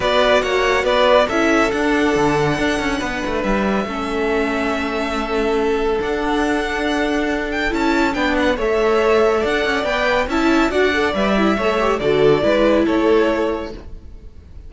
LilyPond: <<
  \new Staff \with { instrumentName = "violin" } { \time 4/4 \tempo 4 = 140 d''4 fis''4 d''4 e''4 | fis''1 | e''1~ | e''2 fis''2~ |
fis''4. g''8 a''4 g''8 fis''8 | e''2 fis''4 g''4 | a''4 fis''4 e''2 | d''2 cis''2 | }
  \new Staff \with { instrumentName = "violin" } { \time 4/4 b'4 cis''4 b'4 a'4~ | a'2. b'4~ | b'4 a'2.~ | a'1~ |
a'2. b'4 | cis''2 d''2 | e''4 d''2 cis''4 | a'4 b'4 a'2 | }
  \new Staff \with { instrumentName = "viola" } { \time 4/4 fis'2. e'4 | d'1~ | d'4 cis'2.~ | cis'2 d'2~ |
d'2 e'4 d'4 | a'2. b'4 | e'4 fis'8 a'8 b'8 e'8 a'8 g'8 | fis'4 e'2. | }
  \new Staff \with { instrumentName = "cello" } { \time 4/4 b4 ais4 b4 cis'4 | d'4 d4 d'8 cis'8 b8 a8 | g4 a2.~ | a2 d'2~ |
d'2 cis'4 b4 | a2 d'8 cis'8 b4 | cis'4 d'4 g4 a4 | d4 gis4 a2 | }
>>